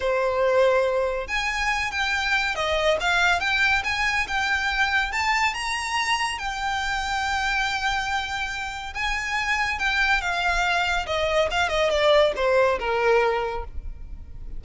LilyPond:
\new Staff \with { instrumentName = "violin" } { \time 4/4 \tempo 4 = 141 c''2. gis''4~ | gis''8 g''4. dis''4 f''4 | g''4 gis''4 g''2 | a''4 ais''2 g''4~ |
g''1~ | g''4 gis''2 g''4 | f''2 dis''4 f''8 dis''8 | d''4 c''4 ais'2 | }